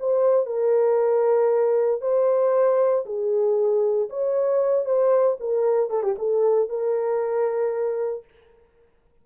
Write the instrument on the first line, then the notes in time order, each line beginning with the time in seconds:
horn
0.00 C5
0.47 A#4
2.02 C5
3.06 G#4
4.10 C#5
4.86 C5
5.41 A#4
5.90 A4
6.03 G4
6.19 A4
6.70 A#4